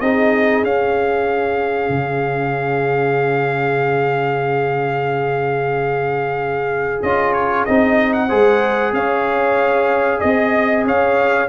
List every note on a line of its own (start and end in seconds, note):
0.00 0.63 C4
0.00 0.65 D#4
0.00 8.27 G#4
0.00 0.64 D#5
0.63 1.89 C#4
0.63 7.03 C#4
0.63 7.02 F5
1.89 6.99 C#3
7.02 7.66 C#4
7.02 7.67 F4
7.02 7.33 D#5
7.33 7.64 C#5
7.65 8.31 C4
7.65 8.29 D#4
7.65 8.13 D#5
8.13 8.93 F#5
8.27 8.92 G#3
8.27 11.48 G#4
8.27 8.91 C5
8.92 10.20 C#4
8.92 10.19 C#5
8.92 10.20 F5
10.19 10.84 C4
10.19 10.83 D#5
10.19 10.84 D#5
10.84 11.48 C#4
10.84 11.48 C#5
10.84 11.48 F5